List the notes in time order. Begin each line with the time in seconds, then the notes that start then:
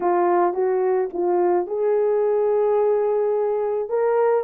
0.00 F4
0.53 F#4
1.13 F4
1.67 G#4
3.89 A#4